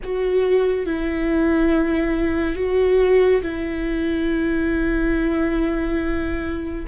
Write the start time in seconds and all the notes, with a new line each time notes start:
0.03 F#4
0.86 E4
2.55 F#4
3.42 E4